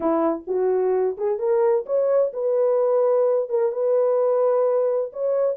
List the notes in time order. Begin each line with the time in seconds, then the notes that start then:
0.00 E4
0.47 F#4
1.17 G#4
1.38 A#4
1.86 C#5
2.33 B4
3.49 A#4
3.71 B4
5.12 C#5